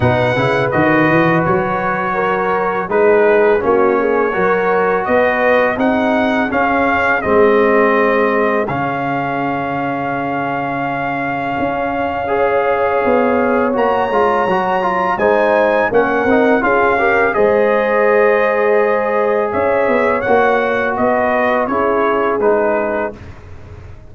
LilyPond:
<<
  \new Staff \with { instrumentName = "trumpet" } { \time 4/4 \tempo 4 = 83 fis''4 dis''4 cis''2 | b'4 cis''2 dis''4 | fis''4 f''4 dis''2 | f''1~ |
f''2. ais''4~ | ais''4 gis''4 fis''4 f''4 | dis''2. e''4 | fis''4 dis''4 cis''4 b'4 | }
  \new Staff \with { instrumentName = "horn" } { \time 4/4 b'2. ais'4 | gis'4 fis'8 gis'8 ais'4 b'4 | gis'1~ | gis'1~ |
gis'4 cis''2.~ | cis''4 c''4 ais'4 gis'8 ais'8 | c''2. cis''4~ | cis''4 b'4 gis'2 | }
  \new Staff \with { instrumentName = "trombone" } { \time 4/4 dis'8 e'8 fis'2. | dis'4 cis'4 fis'2 | dis'4 cis'4 c'2 | cis'1~ |
cis'4 gis'2 fis'8 f'8 | fis'8 f'8 dis'4 cis'8 dis'8 f'8 g'8 | gis'1 | fis'2 e'4 dis'4 | }
  \new Staff \with { instrumentName = "tuba" } { \time 4/4 b,8 cis8 dis8 e8 fis2 | gis4 ais4 fis4 b4 | c'4 cis'4 gis2 | cis1 |
cis'2 b4 ais8 gis8 | fis4 gis4 ais8 c'8 cis'4 | gis2. cis'8 b8 | ais4 b4 cis'4 gis4 | }
>>